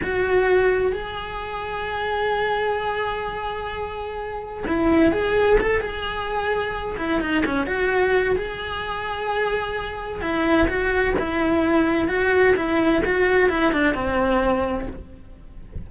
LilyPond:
\new Staff \with { instrumentName = "cello" } { \time 4/4 \tempo 4 = 129 fis'2 gis'2~ | gis'1~ | gis'2 e'4 gis'4 | a'8 gis'2~ gis'8 e'8 dis'8 |
cis'8 fis'4. gis'2~ | gis'2 e'4 fis'4 | e'2 fis'4 e'4 | fis'4 e'8 d'8 c'2 | }